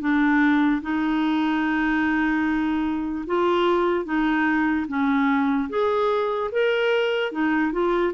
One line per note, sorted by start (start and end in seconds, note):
0.00 0.81 D4
0.81 3.25 D#4
3.26 4.05 F4
4.05 4.86 D#4
4.88 5.69 C#4
5.69 6.50 G#4
6.52 7.32 A#4
7.32 7.72 D#4
7.72 8.13 F4